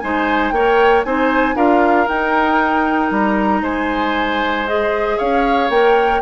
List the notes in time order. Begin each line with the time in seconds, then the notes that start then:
0.00 G#3 D#4 C5 G#5
0.51 A#3 A#4 C#5 G5
1.04 C4 D#4 C5 G#5
1.55 D4 F4 A#4 F5
2.08 D#4 G5
3.11 G3 A#5
3.62 G#3 C5 G#5
4.67 G#4 D#5
5.18 C#4 C#5 F5
5.69 A#3 A#4 G5